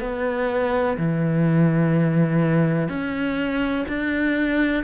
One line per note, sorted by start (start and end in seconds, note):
0.00 0.97 B3
0.97 2.89 E3
2.89 3.85 C#4
3.88 4.83 D4